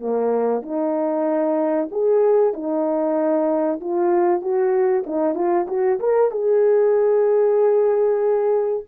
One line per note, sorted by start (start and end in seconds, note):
0.00 0.62 A#3
0.62 1.89 D#4
1.91 2.53 G#4
2.53 3.80 D#4
3.80 4.41 F4
4.41 5.04 F#4
5.07 5.35 D#4
5.35 5.66 F4
5.68 5.99 F#4
6.00 6.31 A#4
6.31 8.84 G#4